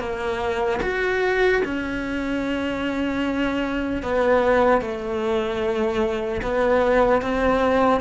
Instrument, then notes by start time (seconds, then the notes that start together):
cello
0.00 A#3
0.83 F#4
1.65 C#4
4.03 B3
4.82 A3
6.43 B3
7.22 C4